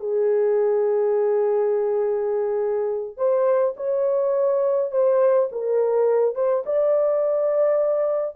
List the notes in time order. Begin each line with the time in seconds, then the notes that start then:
0.00 G#4
3.17 C5
3.77 C#5
4.92 C5
5.52 A#4
6.35 C5
6.66 D5